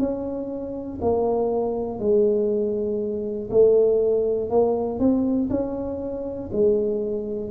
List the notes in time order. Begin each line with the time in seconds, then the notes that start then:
0.00 C#4
1.02 A#3
2.00 G#3
3.51 A3
4.50 A#3
5.00 C4
5.51 C#4
6.53 G#3